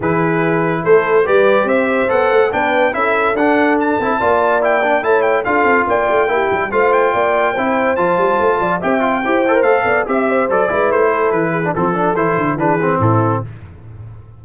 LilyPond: <<
  \new Staff \with { instrumentName = "trumpet" } { \time 4/4 \tempo 4 = 143 b'2 c''4 d''4 | e''4 fis''4 g''4 e''4 | fis''4 a''2 g''4 | a''8 g''8 f''4 g''2 |
f''8 g''2~ g''8 a''4~ | a''4 g''2 f''4 | e''4 d''4 c''4 b'4 | a'4 c''4 b'4 a'4 | }
  \new Staff \with { instrumentName = "horn" } { \time 4/4 gis'2 a'4 b'4 | c''2 b'4 a'4~ | a'2 d''2 | cis''4 a'4 d''4 g'4 |
c''4 d''4 c''2~ | c''8 d''8 e''4 c''4. d''8 | e''8 c''4 b'4 a'4 gis'8 | a'2 gis'4 e'4 | }
  \new Staff \with { instrumentName = "trombone" } { \time 4/4 e'2. g'4~ | g'4 a'4 d'4 e'4 | d'4. e'8 f'4 e'8 d'8 | e'4 f'2 e'4 |
f'2 e'4 f'4~ | f'4 g'8 f'8 g'8 a'16 ais'16 a'4 | g'4 a'8 e'2~ e'16 d'16 | c'8 d'8 e'4 d'8 c'4. | }
  \new Staff \with { instrumentName = "tuba" } { \time 4/4 e2 a4 g4 | c'4 b8 a8 b4 cis'4 | d'4. c'8 ais2 | a4 d'8 c'8 ais8 a8 ais8 g8 |
a4 ais4 c'4 f8 g8 | a8 f8 c'4 e'4 a8 b8 | c'4 fis8 gis8 a4 e4 | f4 e8 d8 e4 a,4 | }
>>